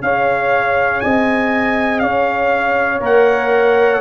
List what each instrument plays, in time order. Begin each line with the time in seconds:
0.00 tuba C#4, trombone G#4, horn C#5, trumpet F5
1.00 tuba C4, horn D#5, trumpet G#5
1.99 tuba C#4, horn C#5, trumpet F5
3.00 tuba A#3, trombone A#4, trumpet F#5